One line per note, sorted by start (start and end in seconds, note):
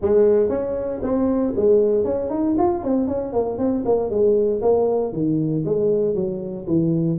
0.01 0.49 G#3
0.49 1.00 C#4
1.02 1.53 C4
1.55 2.04 G#3
2.04 2.30 C#4
2.30 2.55 D#4
2.58 2.83 F4
2.83 3.07 C4
3.07 3.33 C#4
3.33 3.58 A#3
3.58 3.83 C4
3.85 4.10 A#3
4.10 4.61 G#3
4.61 5.12 A#3
5.12 5.64 D#3
5.65 6.14 G#3
6.14 6.66 F#3
6.67 7.18 E3